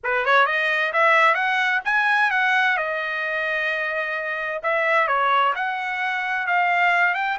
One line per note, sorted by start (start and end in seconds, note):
0.03 0.25 B4
0.25 0.46 C#5
0.46 0.92 D#5
0.93 1.34 E5
1.34 1.80 F#5
1.84 2.31 G#5
2.31 2.77 F#5
2.77 4.61 D#5
4.62 5.07 E5
5.07 5.53 C#5
5.55 6.46 F#5
6.46 7.14 F5
7.14 7.37 G5